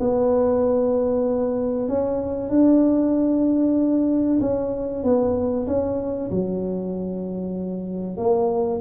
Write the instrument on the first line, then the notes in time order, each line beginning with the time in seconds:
tuba
0.00 B3
1.89 C#4
2.49 D4
4.41 C#4
5.04 B3
5.67 C#4
6.31 F#3
8.17 A#3